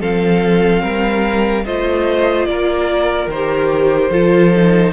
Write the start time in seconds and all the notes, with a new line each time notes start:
0.00 F3 C4 A4 F5
0.82 G3 A#4
1.65 A3 F4 C5 D#5
2.45 A#3 A#4 D5
3.27 D#3 C5
3.34 G4
4.10 F3 F4 A4
4.56 D#4